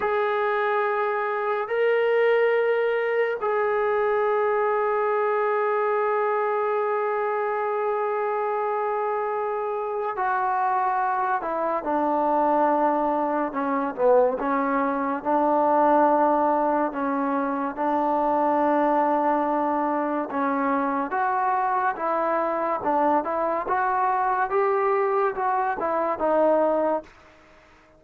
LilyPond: \new Staff \with { instrumentName = "trombone" } { \time 4/4 \tempo 4 = 71 gis'2 ais'2 | gis'1~ | gis'1 | fis'4. e'8 d'2 |
cis'8 b8 cis'4 d'2 | cis'4 d'2. | cis'4 fis'4 e'4 d'8 e'8 | fis'4 g'4 fis'8 e'8 dis'4 | }